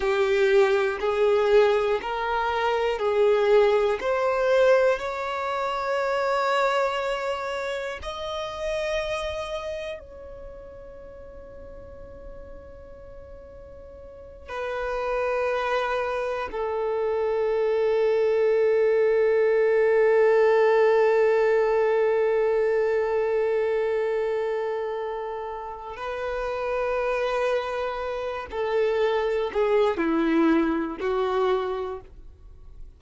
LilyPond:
\new Staff \with { instrumentName = "violin" } { \time 4/4 \tempo 4 = 60 g'4 gis'4 ais'4 gis'4 | c''4 cis''2. | dis''2 cis''2~ | cis''2~ cis''8 b'4.~ |
b'8 a'2.~ a'8~ | a'1~ | a'2 b'2~ | b'8 a'4 gis'8 e'4 fis'4 | }